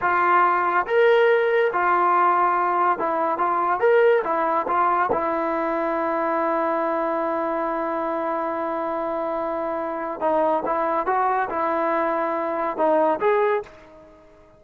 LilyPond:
\new Staff \with { instrumentName = "trombone" } { \time 4/4 \tempo 4 = 141 f'2 ais'2 | f'2. e'4 | f'4 ais'4 e'4 f'4 | e'1~ |
e'1~ | e'1 | dis'4 e'4 fis'4 e'4~ | e'2 dis'4 gis'4 | }